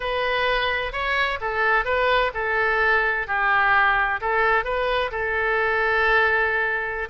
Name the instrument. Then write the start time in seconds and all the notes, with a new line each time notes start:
oboe
0.00 B4
0.92 C#5
1.40 A4
1.85 B4
2.34 A4
3.27 G4
4.21 A4
4.64 B4
5.11 A4